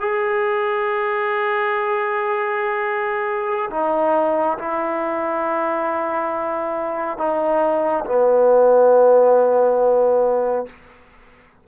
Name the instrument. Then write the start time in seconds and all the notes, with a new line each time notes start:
trombone
0.00 G#4
3.71 D#4
4.58 E4
7.18 D#4
8.06 B3